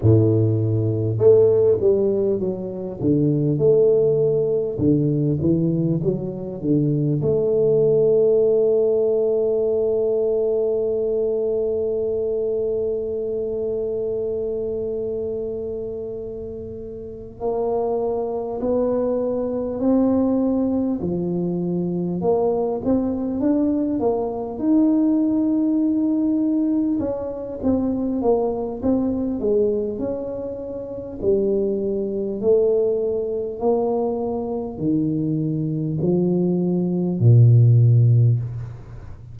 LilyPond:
\new Staff \with { instrumentName = "tuba" } { \time 4/4 \tempo 4 = 50 a,4 a8 g8 fis8 d8 a4 | d8 e8 fis8 d8 a2~ | a1~ | a2~ a8 ais4 b8~ |
b8 c'4 f4 ais8 c'8 d'8 | ais8 dis'2 cis'8 c'8 ais8 | c'8 gis8 cis'4 g4 a4 | ais4 dis4 f4 ais,4 | }